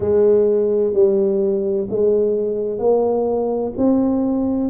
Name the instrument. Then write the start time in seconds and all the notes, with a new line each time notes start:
tuba
0.00 G#3
0.93 G3
1.89 G#3
2.78 A#3
3.77 C4